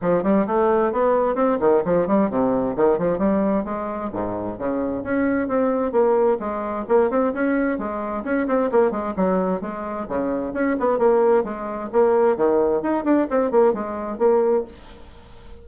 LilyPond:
\new Staff \with { instrumentName = "bassoon" } { \time 4/4 \tempo 4 = 131 f8 g8 a4 b4 c'8 dis8 | f8 g8 c4 dis8 f8 g4 | gis4 gis,4 cis4 cis'4 | c'4 ais4 gis4 ais8 c'8 |
cis'4 gis4 cis'8 c'8 ais8 gis8 | fis4 gis4 cis4 cis'8 b8 | ais4 gis4 ais4 dis4 | dis'8 d'8 c'8 ais8 gis4 ais4 | }